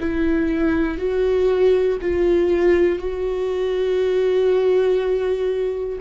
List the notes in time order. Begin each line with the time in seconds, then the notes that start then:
0.00 E4
0.98 F#4
2.01 F4
2.99 F#4